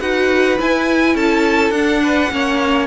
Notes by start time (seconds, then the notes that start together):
0.00 D#4 F#4 B4 F#5
0.58 E4 G#5
1.15 C#4 A4 A5
1.70 D4 F#5
2.03 B4
2.31 A#3 C#4 C#5